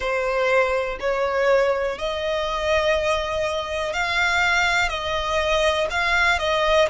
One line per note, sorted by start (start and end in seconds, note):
0.00 0.98 C5
1.00 1.98 C#5
1.98 3.93 D#5
3.93 4.88 F5
4.88 5.87 D#5
5.90 6.38 F5
6.38 6.88 D#5